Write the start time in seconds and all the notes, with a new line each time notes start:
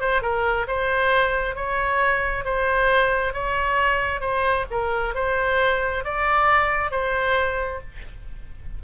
0.00 C5
0.22 A#4
0.67 C5
1.55 C#5
2.44 C5
3.33 C#5
4.20 C5
4.70 A#4
5.14 C5
6.04 D5
6.91 C5